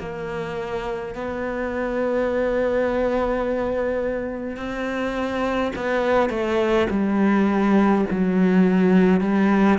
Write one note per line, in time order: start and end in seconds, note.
0.00 1.15 A#3
1.15 4.57 B3
4.57 5.73 C4
5.76 6.30 B3
6.30 6.88 A3
6.90 8.06 G3
8.11 9.22 F#3
9.22 9.79 G3